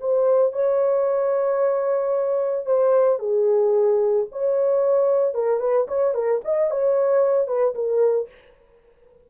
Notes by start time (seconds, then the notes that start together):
0.00 C5
0.53 C#5
2.66 C5
3.19 G#4
4.32 C#5
5.34 A#4
5.60 B4
5.88 C#5
6.14 A#4
6.45 D#5
6.70 C#5
7.47 B4
7.75 A#4